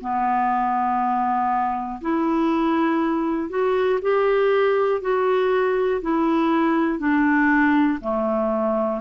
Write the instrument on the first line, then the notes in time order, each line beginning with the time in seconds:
clarinet
0.00 B3
2.00 E4
3.49 F#4
4.01 G4
5.01 F#4
6.01 E4
6.98 D4
8.00 A3